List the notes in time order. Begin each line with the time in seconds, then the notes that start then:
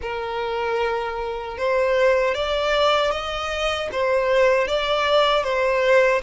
0.01 A#4
1.57 C5
2.34 D5
3.11 D#5
3.92 C5
4.67 D5
5.43 C5